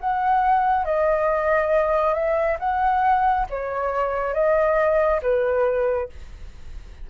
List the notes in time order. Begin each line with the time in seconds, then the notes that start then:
0.00 F#5
0.85 D#5
2.14 E5
2.59 F#5
3.49 C#5
4.34 D#5
5.22 B4